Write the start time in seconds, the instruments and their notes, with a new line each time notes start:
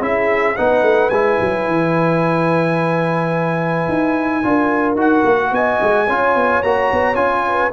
0.00 tuba C#4, trombone E4, horn G#4, trumpet E5
0.56 tuba B3, trombone D#4, horn B4, trumpet F#5
0.82 tuba A3
1.09 tuba G#3, trombone E4, trumpet G#5
1.40 tuba F#3
1.67 tuba E3
3.88 tuba D#4
4.43 tuba D4, trombone F4, horn A#4
4.95 tuba D#4, trombone F#4, trumpet F#5
5.25 tuba A#3
5.51 tuba B3, horn D#5, trumpet G#5
5.81 tuba G#3
6.07 tuba C#4, trombone F4, horn C#5
6.35 tuba B3
6.62 tuba A#3, trombone F#4, trumpet A#5
6.92 tuba B3
7.14 tuba C#4, trombone F4, trumpet G#5
7.47 horn B4